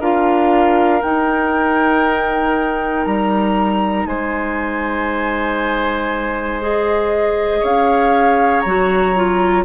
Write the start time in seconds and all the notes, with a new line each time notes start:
0.00 D4 F4 A#4 F5
1.00 D#4 G5
3.05 G3 A#5
4.06 G#3 C5 G#5
6.61 G#4 D#5
7.60 C#4 C#5 F5
8.61 F#3 F#4 A#5
9.16 F4